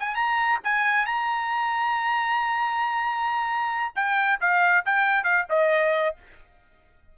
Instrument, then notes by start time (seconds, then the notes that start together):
trumpet
0.00 G#5
0.16 A#5
0.64 G#5
1.06 A#5
3.96 G5
4.41 F5
4.86 G5
5.24 F5
5.50 D#5